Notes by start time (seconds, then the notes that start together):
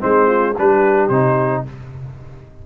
0.00 G#3 C4 D#4 C5
0.27 F4
0.56 G3 D4 G4 B4
1.09 C3 D#4 C5